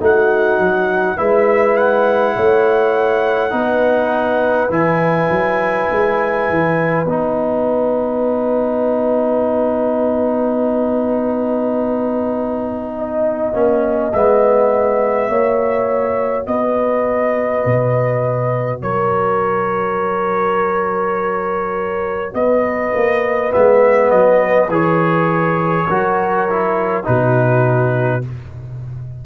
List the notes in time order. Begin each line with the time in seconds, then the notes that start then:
0.00 A3 D#4 F#4 F#5
0.59 F#3
1.17 G#3 E4 B4 E5
1.77 F#5
2.36 A3 C#5
3.51 B3 D#4 B4
4.70 E3 E4 G#5
5.30 F#3
5.91 G#3
6.49 E3
7.06 B3 D#4 F#5
12.98 D#5
13.53 A#3 C#4
14.13 G#3 B3 E5
15.29 A#3 F#4 C#5
16.47 B3 B4 D#5
17.66 B2
18.82 F#3 A#4 C#5
22.34 B3 B4 D#5
22.94 A#3
23.51 G#3 B3 E5
24.11 F#3 D#5
24.68 E3 G#4 C#5
25.88 F#3 F#4 A#4
26.50 E4
27.04 B2 D#4 F#4 B4